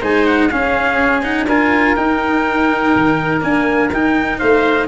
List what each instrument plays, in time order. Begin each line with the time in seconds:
0.00 tuba G#3, cello D#4, oboe C5, trumpet G#5
0.26 trumpet F#5
0.49 cello C#4, tuba C#4, oboe G#4, trumpet F5
1.23 cello D#4, trumpet F#5
1.47 tuba D4, cello F4, oboe A#4, trumpet G#5
1.96 cello D#4, tuba D#4, trumpet G5
2.95 tuba D#3
3.41 cello A#3, tuba D4, trumpet G#5
3.92 tuba D#4, cello D#4, trumpet G5
4.39 tuba A3, oboe C5, trumpet F5